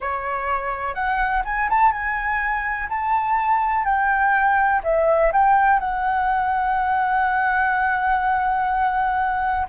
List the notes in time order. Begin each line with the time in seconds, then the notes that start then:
0.00 C#5
0.94 F#5
1.45 G#5
1.69 A5
1.91 G#5
2.89 A5
3.84 G5
4.83 E5
5.32 G5
5.79 F#5